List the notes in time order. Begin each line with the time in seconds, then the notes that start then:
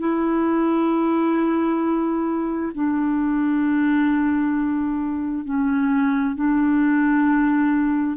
0.00 E4
2.75 D4
5.45 C#4
6.36 D4